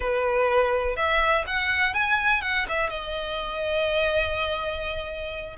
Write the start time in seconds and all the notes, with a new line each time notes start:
0.00 B4
0.96 E5
1.46 F#5
1.94 G#5
2.41 F#5
2.68 E5
2.90 D#5